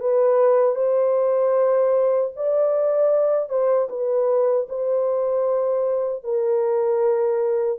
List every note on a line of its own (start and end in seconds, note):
0.00 0.75 B4
0.75 2.31 C5
2.36 3.49 D5
3.49 3.88 C5
3.90 4.68 B4
4.69 6.23 C5
6.23 7.79 A#4